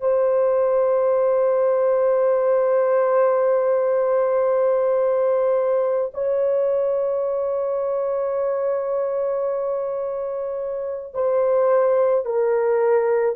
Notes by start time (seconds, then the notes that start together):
0.00 C5
6.14 C#5
11.14 C5
12.25 A#4